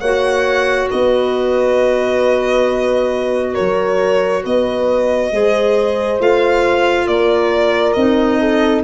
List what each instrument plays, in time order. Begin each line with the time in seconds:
0.00 tuba A#3, clarinet F#4, horn C#5, violin F#5
0.90 tuba B3, horn B4, violin D#5
3.53 horn A#4, violin C#5
3.59 tuba F#3
4.43 tuba B3, horn B4, violin D#5
5.31 tuba G#3, clarinet G#4, horn C5
6.19 tuba A3, clarinet F4, violin F5
7.07 tuba A#3, horn A#4, violin D5
7.93 tuba C4, clarinet D#4, violin D#5
8.40 horn A4